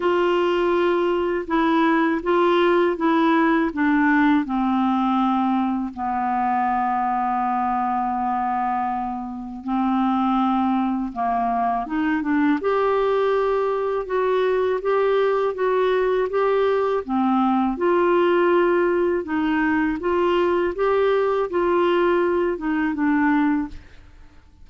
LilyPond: \new Staff \with { instrumentName = "clarinet" } { \time 4/4 \tempo 4 = 81 f'2 e'4 f'4 | e'4 d'4 c'2 | b1~ | b4 c'2 ais4 |
dis'8 d'8 g'2 fis'4 | g'4 fis'4 g'4 c'4 | f'2 dis'4 f'4 | g'4 f'4. dis'8 d'4 | }